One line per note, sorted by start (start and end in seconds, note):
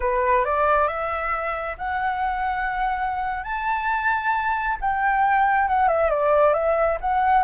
0.00 0.44 B4
0.44 0.87 D5
0.87 1.76 E5
1.78 3.43 F#5
3.43 4.77 A5
4.80 5.68 G5
5.68 5.87 F#5
5.87 6.09 E5
6.09 6.53 D5
6.53 6.98 E5
7.00 7.43 F#5